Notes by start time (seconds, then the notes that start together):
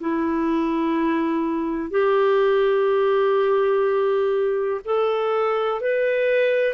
0.00 E4
1.90 G4
4.85 A4
5.81 B4